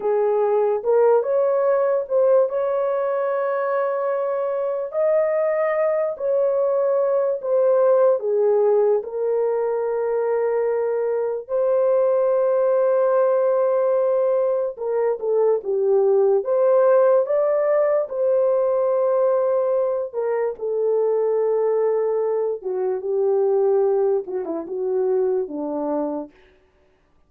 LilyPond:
\new Staff \with { instrumentName = "horn" } { \time 4/4 \tempo 4 = 73 gis'4 ais'8 cis''4 c''8 cis''4~ | cis''2 dis''4. cis''8~ | cis''4 c''4 gis'4 ais'4~ | ais'2 c''2~ |
c''2 ais'8 a'8 g'4 | c''4 d''4 c''2~ | c''8 ais'8 a'2~ a'8 fis'8 | g'4. fis'16 e'16 fis'4 d'4 | }